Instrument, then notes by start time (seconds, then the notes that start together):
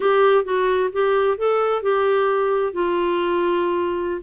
clarinet
0.00 G4
0.44 F#4
0.92 G4
1.37 A4
1.82 G4
2.72 F4